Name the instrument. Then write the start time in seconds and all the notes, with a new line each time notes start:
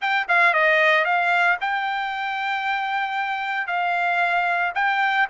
trumpet
0.01 G5
0.28 F5
0.53 D#5
1.05 F5
1.60 G5
3.67 F5
4.74 G5